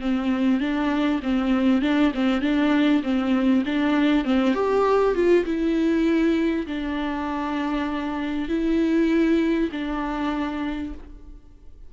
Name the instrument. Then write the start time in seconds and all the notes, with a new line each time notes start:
viola
0.00 C4
0.60 D4
1.22 C4
1.81 D4
2.13 C4
2.41 D4
3.03 C4
3.65 D4
4.24 C4
4.54 G4
5.14 F4
5.44 E4
6.66 D4
8.48 E4
9.71 D4